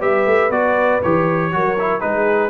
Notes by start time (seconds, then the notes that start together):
0.00 G3 G4 B4 E5
0.26 A3
0.50 B3 F#4 D5
1.03 E3 G4 C#5
1.52 F#3 F#4 A#4
1.79 E4
2.00 G#3 D#4 G#4 B4